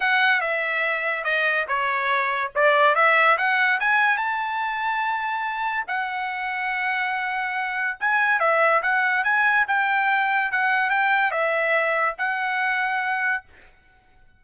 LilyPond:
\new Staff \with { instrumentName = "trumpet" } { \time 4/4 \tempo 4 = 143 fis''4 e''2 dis''4 | cis''2 d''4 e''4 | fis''4 gis''4 a''2~ | a''2 fis''2~ |
fis''2. gis''4 | e''4 fis''4 gis''4 g''4~ | g''4 fis''4 g''4 e''4~ | e''4 fis''2. | }